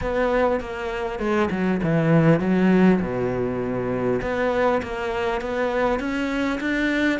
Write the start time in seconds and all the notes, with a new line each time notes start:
0.01 B3
0.60 A#3
1.19 G#3
1.50 F#3
1.83 E3
2.40 F#3
3.01 B2
4.21 B3
4.82 A#3
5.41 B3
5.99 C#4
6.60 D4